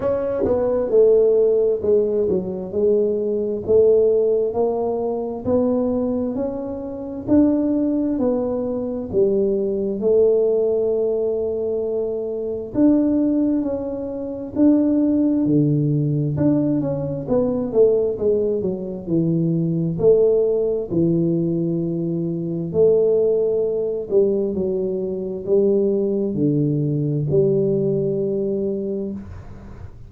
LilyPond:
\new Staff \with { instrumentName = "tuba" } { \time 4/4 \tempo 4 = 66 cis'8 b8 a4 gis8 fis8 gis4 | a4 ais4 b4 cis'4 | d'4 b4 g4 a4~ | a2 d'4 cis'4 |
d'4 d4 d'8 cis'8 b8 a8 | gis8 fis8 e4 a4 e4~ | e4 a4. g8 fis4 | g4 d4 g2 | }